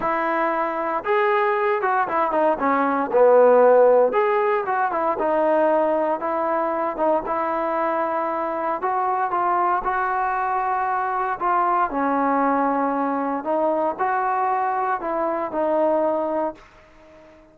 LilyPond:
\new Staff \with { instrumentName = "trombone" } { \time 4/4 \tempo 4 = 116 e'2 gis'4. fis'8 | e'8 dis'8 cis'4 b2 | gis'4 fis'8 e'8 dis'2 | e'4. dis'8 e'2~ |
e'4 fis'4 f'4 fis'4~ | fis'2 f'4 cis'4~ | cis'2 dis'4 fis'4~ | fis'4 e'4 dis'2 | }